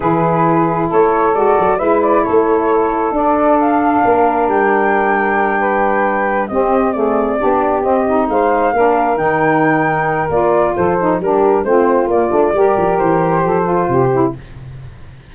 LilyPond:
<<
  \new Staff \with { instrumentName = "flute" } { \time 4/4 \tempo 4 = 134 b'2 cis''4 d''4 | e''8 d''8 cis''2 d''4 | f''2 g''2~ | g''2~ g''8 dis''4 d''8~ |
d''4. dis''4 f''4.~ | f''8 g''2~ g''8 d''4 | c''4 ais'4 c''4 d''4~ | d''4 c''2. | }
  \new Staff \with { instrumentName = "saxophone" } { \time 4/4 gis'2 a'2 | b'4 a'2.~ | a'4 ais'2.~ | ais'8 b'2 g'4 gis'8~ |
gis'8 g'2 c''4 ais'8~ | ais'1 | a'4 g'4 f'2 | ais'2 a'4 g'4 | }
  \new Staff \with { instrumentName = "saxophone" } { \time 4/4 e'2. fis'4 | e'2. d'4~ | d'1~ | d'2~ d'8 c'4 a8~ |
a8 d'4 c'8 dis'4. d'8~ | d'8 dis'2~ dis'8 f'4~ | f'8 dis'8 d'4 c'4 ais8 d'8 | g'2~ g'8 f'4 e'8 | }
  \new Staff \with { instrumentName = "tuba" } { \time 4/4 e2 a4 gis8 fis8 | gis4 a2 d'4~ | d'4 ais4 g2~ | g2~ g8 c'4.~ |
c'8 b4 c'4 gis4 ais8~ | ais8 dis2~ dis8 ais4 | f4 g4 a4 ais8 a8 | g8 f8 e4 f4 c4 | }
>>